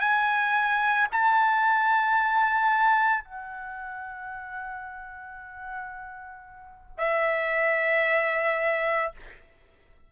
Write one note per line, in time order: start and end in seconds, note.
0.00 1.07 G#5
1.12 3.24 A5
3.24 6.97 F#5
6.97 9.12 E5